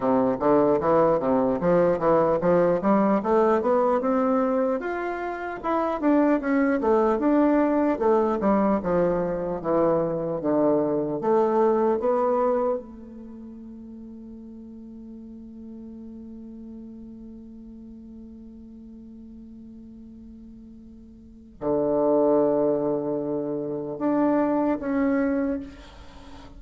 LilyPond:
\new Staff \with { instrumentName = "bassoon" } { \time 4/4 \tempo 4 = 75 c8 d8 e8 c8 f8 e8 f8 g8 | a8 b8 c'4 f'4 e'8 d'8 | cis'8 a8 d'4 a8 g8 f4 | e4 d4 a4 b4 |
a1~ | a1~ | a2. d4~ | d2 d'4 cis'4 | }